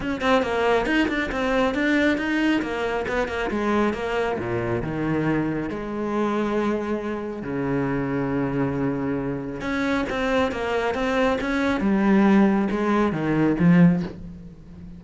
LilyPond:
\new Staff \with { instrumentName = "cello" } { \time 4/4 \tempo 4 = 137 cis'8 c'8 ais4 dis'8 d'8 c'4 | d'4 dis'4 ais4 b8 ais8 | gis4 ais4 ais,4 dis4~ | dis4 gis2.~ |
gis4 cis2.~ | cis2 cis'4 c'4 | ais4 c'4 cis'4 g4~ | g4 gis4 dis4 f4 | }